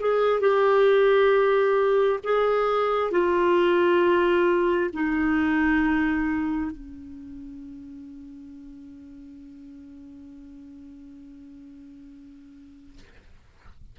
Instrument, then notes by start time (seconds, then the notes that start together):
clarinet
0.00 G#4
0.40 G4
2.23 G#4
3.11 F4
4.93 D#4
6.71 C#4